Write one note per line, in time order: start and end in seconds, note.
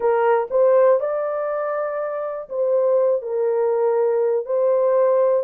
0.00 0.48 A#4
0.50 0.99 C5
1.00 2.49 D5
2.49 3.22 C5
3.22 4.45 A#4
4.45 5.43 C5